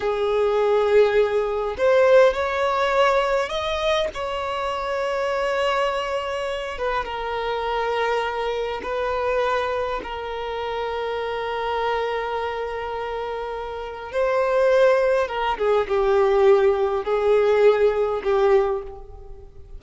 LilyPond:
\new Staff \with { instrumentName = "violin" } { \time 4/4 \tempo 4 = 102 gis'2. c''4 | cis''2 dis''4 cis''4~ | cis''2.~ cis''8 b'8 | ais'2. b'4~ |
b'4 ais'2.~ | ais'1 | c''2 ais'8 gis'8 g'4~ | g'4 gis'2 g'4 | }